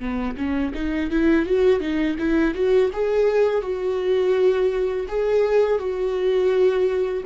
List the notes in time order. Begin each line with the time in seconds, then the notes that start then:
0.00 B3
0.37 C#4
0.75 D#4
1.11 E4
1.46 F#4
1.80 D#4
2.19 E4
2.55 F#4
2.93 G#4
3.62 F#4
5.08 G#4
5.79 F#4